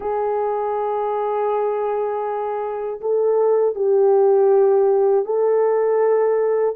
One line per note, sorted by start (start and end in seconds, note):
0.00 3.00 G#4
3.00 3.75 A4
3.75 5.25 G4
5.25 6.75 A4